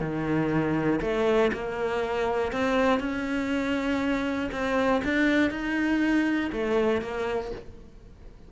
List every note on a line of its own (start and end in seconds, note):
0.00 1.00 D#3
1.01 1.51 A3
1.53 2.52 A#3
2.52 3.00 C4
3.00 4.50 C#4
4.52 5.02 C4
5.04 5.51 D4
5.51 6.51 D#4
6.52 7.01 A3
7.01 7.51 A#3